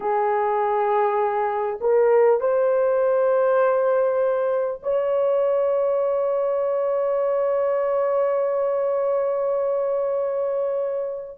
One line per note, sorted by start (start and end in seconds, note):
0.00 1.79 G#4
1.81 2.40 A#4
2.40 4.80 C5
4.82 11.38 C#5